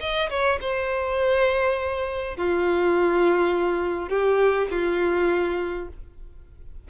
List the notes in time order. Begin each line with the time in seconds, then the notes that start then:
0.00 D#5
0.30 C#5
0.61 C5
2.37 F4
4.09 G4
4.71 F4